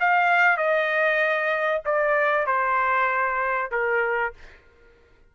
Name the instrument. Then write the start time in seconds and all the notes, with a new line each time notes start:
trumpet
0.00 F5
0.57 D#5
1.85 D5
2.47 C5
3.71 A#4